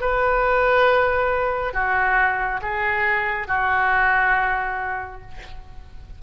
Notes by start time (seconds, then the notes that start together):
0.00 B4
1.73 F#4
2.62 G#4
3.47 F#4